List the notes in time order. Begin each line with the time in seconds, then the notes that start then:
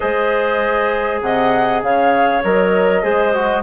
0.00 G#3 G#4 C5 D#5
1.21 C3 D#5 F#5
1.82 C#3 C#5 F5
2.44 F#3 A#4 D#5
3.02 G#3 G#4 C5
3.33 F#4